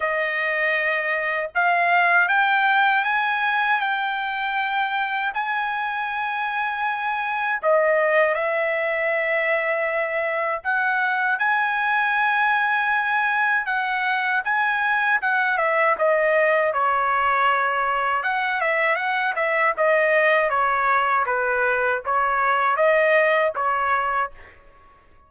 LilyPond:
\new Staff \with { instrumentName = "trumpet" } { \time 4/4 \tempo 4 = 79 dis''2 f''4 g''4 | gis''4 g''2 gis''4~ | gis''2 dis''4 e''4~ | e''2 fis''4 gis''4~ |
gis''2 fis''4 gis''4 | fis''8 e''8 dis''4 cis''2 | fis''8 e''8 fis''8 e''8 dis''4 cis''4 | b'4 cis''4 dis''4 cis''4 | }